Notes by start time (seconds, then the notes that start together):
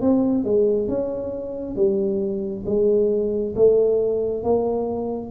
0.00 C4
0.44 G#3
0.88 C#4
1.75 G3
2.66 G#3
3.55 A3
4.43 A#3